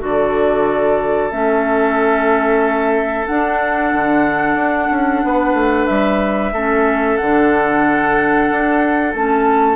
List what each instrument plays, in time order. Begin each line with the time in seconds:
0.00 bassoon D3, clarinet F#4, oboe A4, flute D5
1.31 bassoon A3, clarinet C#4, flute E5
3.26 clarinet D4, bassoon D4, flute F#5
3.94 bassoon D3
4.55 bassoon D4
4.91 bassoon C#4
5.24 bassoon B3, oboe B4
5.54 bassoon A3
5.87 bassoon G3, flute E5
6.53 bassoon A3, clarinet C#4, oboe A4
7.17 bassoon D3, clarinet D4, flute F#5
8.51 bassoon D4
9.14 bassoon A3, clarinet C#4, flute A5